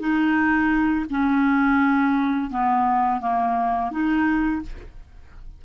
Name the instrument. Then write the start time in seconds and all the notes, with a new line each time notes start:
clarinet
0.00 D#4
1.10 C#4
2.51 B3
3.21 A#3
3.91 D#4